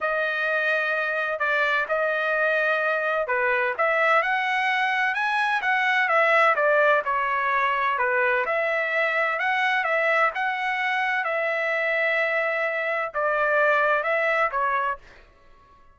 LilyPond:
\new Staff \with { instrumentName = "trumpet" } { \time 4/4 \tempo 4 = 128 dis''2. d''4 | dis''2. b'4 | e''4 fis''2 gis''4 | fis''4 e''4 d''4 cis''4~ |
cis''4 b'4 e''2 | fis''4 e''4 fis''2 | e''1 | d''2 e''4 cis''4 | }